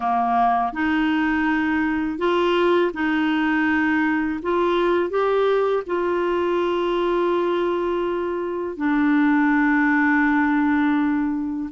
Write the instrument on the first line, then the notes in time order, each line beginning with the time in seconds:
clarinet
0.00 A#3
0.73 D#4
2.18 F4
2.93 D#4
4.42 F4
5.10 G4
5.86 F4
8.76 D4